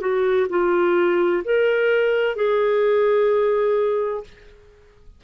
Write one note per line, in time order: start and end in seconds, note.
0.00 0.47 F#4
0.49 1.43 F4
1.44 2.36 A#4
2.36 4.23 G#4